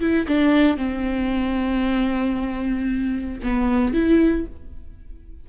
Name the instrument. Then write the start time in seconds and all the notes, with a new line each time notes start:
viola
0.00 E4
0.27 D4
0.77 C4
3.43 B3
3.93 E4